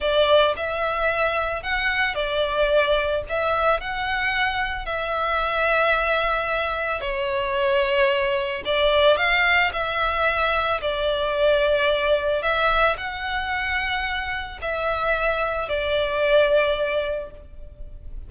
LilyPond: \new Staff \with { instrumentName = "violin" } { \time 4/4 \tempo 4 = 111 d''4 e''2 fis''4 | d''2 e''4 fis''4~ | fis''4 e''2.~ | e''4 cis''2. |
d''4 f''4 e''2 | d''2. e''4 | fis''2. e''4~ | e''4 d''2. | }